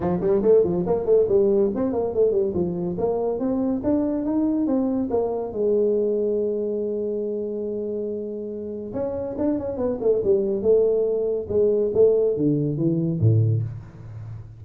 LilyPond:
\new Staff \with { instrumentName = "tuba" } { \time 4/4 \tempo 4 = 141 f8 g8 a8 f8 ais8 a8 g4 | c'8 ais8 a8 g8 f4 ais4 | c'4 d'4 dis'4 c'4 | ais4 gis2.~ |
gis1~ | gis4 cis'4 d'8 cis'8 b8 a8 | g4 a2 gis4 | a4 d4 e4 a,4 | }